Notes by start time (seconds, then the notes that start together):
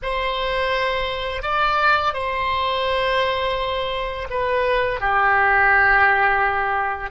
0.02 C5
1.42 D5
2.13 C5
4.30 B4
5.00 G4